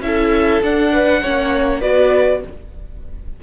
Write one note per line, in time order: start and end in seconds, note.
0.00 0.60 C#4
0.00 0.62 E4
0.00 0.93 A4
0.00 0.62 E5
0.62 1.22 D4
0.62 1.24 D4
0.62 1.81 F#5
0.93 1.22 B4
1.22 1.82 A#3
1.22 1.82 C#4
1.22 1.80 C#5
1.80 2.43 B3
1.80 2.42 F#4
1.80 2.40 B4
1.80 2.41 D5